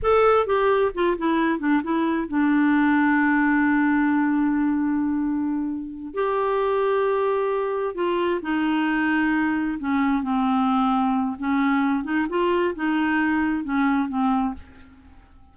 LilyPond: \new Staff \with { instrumentName = "clarinet" } { \time 4/4 \tempo 4 = 132 a'4 g'4 f'8 e'4 d'8 | e'4 d'2.~ | d'1~ | d'4. g'2~ g'8~ |
g'4. f'4 dis'4.~ | dis'4. cis'4 c'4.~ | c'4 cis'4. dis'8 f'4 | dis'2 cis'4 c'4 | }